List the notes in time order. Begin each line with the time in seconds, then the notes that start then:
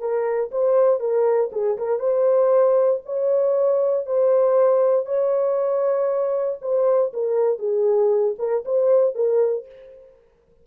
0.00 A#4
0.52 C5
1.00 A#4
1.53 G#4
1.78 A#4
2.00 C5
3.06 C#5
4.07 C5
5.06 C#5
6.62 C5
7.14 A#4
7.59 G#4
8.39 A#4
8.66 C5
9.15 A#4